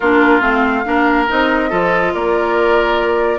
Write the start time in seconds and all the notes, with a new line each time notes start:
0.00 A#3 D4 F4 A#4
0.40 A3 C4 F5
0.84 A#3 D4 A#4
1.27 C4 D#4 D#5
1.69 F3 F4 A4
2.14 A#3 A#4 D5